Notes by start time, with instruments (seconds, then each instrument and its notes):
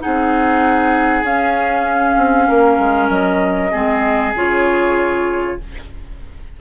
0.00 bassoon C4, clarinet D#4, oboe G#4, flute F#5
1.23 bassoon C#4, clarinet C#4, flute F5
2.17 bassoon C4
2.48 bassoon A#3, oboe A#4
2.79 bassoon G#3
3.09 bassoon F#3, flute D#5
3.72 bassoon G#3, clarinet C4, oboe G#4
4.34 bassoon C#3, clarinet F4, flute C#5